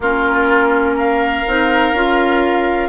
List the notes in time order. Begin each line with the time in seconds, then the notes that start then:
0.00 A#3 C#4 F4 A#4
0.95 A#4 F5
1.47 C4 D#4
1.93 C#4 F4